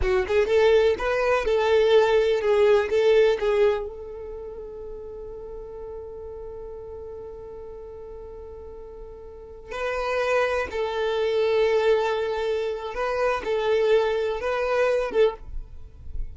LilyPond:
\new Staff \with { instrumentName = "violin" } { \time 4/4 \tempo 4 = 125 fis'8 gis'8 a'4 b'4 a'4~ | a'4 gis'4 a'4 gis'4 | a'1~ | a'1~ |
a'1~ | a'16 b'2 a'4.~ a'16~ | a'2. b'4 | a'2 b'4. a'8 | }